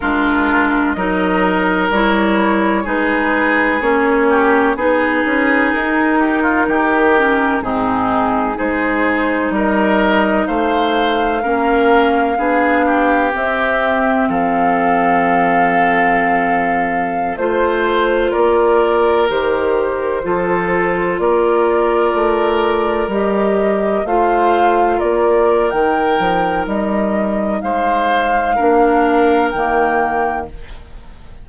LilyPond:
<<
  \new Staff \with { instrumentName = "flute" } { \time 4/4 \tempo 4 = 63 ais'4 dis''4 cis''4 b'4 | cis''4 b'4 ais'2 | gis'4 c''4 dis''4 f''4~ | f''2 e''4 f''4~ |
f''2~ f''16 c''4 d''8.~ | d''16 c''2 d''4.~ d''16~ | d''16 dis''4 f''4 d''8. g''4 | dis''4 f''2 g''4 | }
  \new Staff \with { instrumentName = "oboe" } { \time 4/4 f'4 ais'2 gis'4~ | gis'8 g'8 gis'4. g'16 f'16 g'4 | dis'4 gis'4 ais'4 c''4 | ais'4 gis'8 g'4. a'4~ |
a'2~ a'16 c''4 ais'8.~ | ais'4~ ais'16 a'4 ais'4.~ ais'16~ | ais'4~ ais'16 c''4 ais'4.~ ais'16~ | ais'4 c''4 ais'2 | }
  \new Staff \with { instrumentName = "clarinet" } { \time 4/4 d'4 dis'4 e'4 dis'4 | cis'4 dis'2~ dis'8 cis'8 | c'4 dis'2. | cis'4 d'4 c'2~ |
c'2~ c'16 f'4.~ f'16~ | f'16 g'4 f'2~ f'8.~ | f'16 g'4 f'4.~ f'16 dis'4~ | dis'2 d'4 ais4 | }
  \new Staff \with { instrumentName = "bassoon" } { \time 4/4 gis4 fis4 g4 gis4 | ais4 b8 cis'8 dis'4 dis4 | gis,4 gis4 g4 a4 | ais4 b4 c'4 f4~ |
f2~ f16 a4 ais8.~ | ais16 dis4 f4 ais4 a8.~ | a16 g4 a4 ais8. dis8 f8 | g4 gis4 ais4 dis4 | }
>>